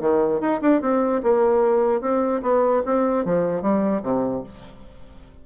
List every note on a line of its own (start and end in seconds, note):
0.00 0.40 D#3
0.40 0.60 D#4
0.61 0.81 D4
0.81 1.22 C4
1.23 2.01 A#3
2.01 2.41 C4
2.42 2.82 B3
2.85 3.25 C4
3.25 3.61 F3
3.61 4.02 G3
4.02 4.43 C3